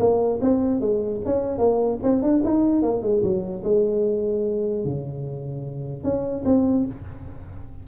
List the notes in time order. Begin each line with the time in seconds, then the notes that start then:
0.00 A#3
0.42 C4
0.81 G#3
1.26 C#4
1.59 A#3
2.04 C4
2.22 D4
2.45 D#4
2.83 A#3
3.03 G#3
3.23 F#3
3.64 G#3
4.85 C#3
6.04 C#4
6.45 C4